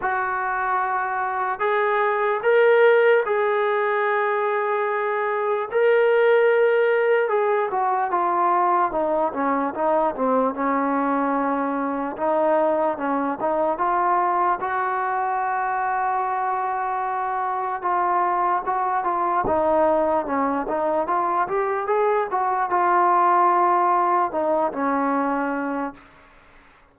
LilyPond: \new Staff \with { instrumentName = "trombone" } { \time 4/4 \tempo 4 = 74 fis'2 gis'4 ais'4 | gis'2. ais'4~ | ais'4 gis'8 fis'8 f'4 dis'8 cis'8 | dis'8 c'8 cis'2 dis'4 |
cis'8 dis'8 f'4 fis'2~ | fis'2 f'4 fis'8 f'8 | dis'4 cis'8 dis'8 f'8 g'8 gis'8 fis'8 | f'2 dis'8 cis'4. | }